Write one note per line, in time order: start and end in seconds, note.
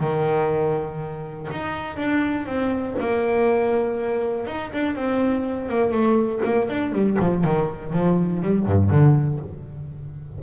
0.00 1.49 D#3
1.51 1.97 D#4
1.97 2.46 D4
2.46 2.95 C4
3.00 4.47 A#3
4.47 4.72 D#4
4.73 4.95 D4
4.95 5.69 C4
5.69 5.92 A#3
5.92 6.41 A3
6.45 6.69 A#3
6.69 6.92 D4
6.92 7.17 G3
7.20 7.44 F3
7.44 7.93 D#3
7.93 8.42 F3
8.43 8.66 G3
8.66 8.90 G2
8.90 9.40 D3